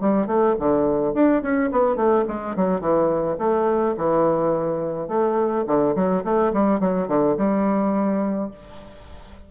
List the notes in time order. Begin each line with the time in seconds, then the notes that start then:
0.00 G3
0.27 A3
0.59 D3
1.14 D4
1.42 C#4
1.71 B3
1.96 A3
2.28 G#3
2.56 F#3
2.80 E3
3.38 A3
3.96 E3
5.08 A3
5.67 D3
5.95 F#3
6.24 A3
6.53 G3
6.80 F#3
7.08 D3
7.37 G3